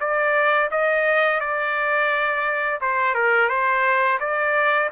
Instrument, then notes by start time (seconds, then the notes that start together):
trumpet
0.00 D5
0.71 D#5
1.40 D5
2.81 C5
3.14 A#4
3.49 C5
4.20 D5